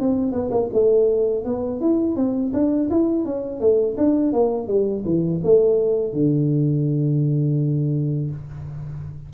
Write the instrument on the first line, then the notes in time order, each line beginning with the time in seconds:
tuba
0.00 C4
0.33 B3
0.52 A#3
0.73 A3
1.45 B3
1.81 E4
2.16 C4
2.54 D4
2.90 E4
3.25 C#4
3.60 A3
3.98 D4
4.33 A#3
4.68 G3
5.05 E3
5.44 A3
6.13 D3